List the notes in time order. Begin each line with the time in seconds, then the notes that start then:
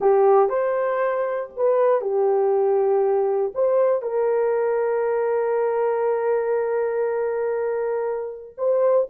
0.00 G4
0.49 C5
1.56 B4
2.01 G4
3.54 C5
4.02 A#4
8.57 C5